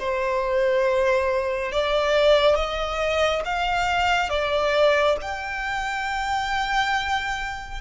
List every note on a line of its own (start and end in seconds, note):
0.00 1.72 C5
1.72 2.56 D5
2.56 3.43 D#5
3.45 4.30 F5
4.30 5.17 D5
5.22 7.82 G5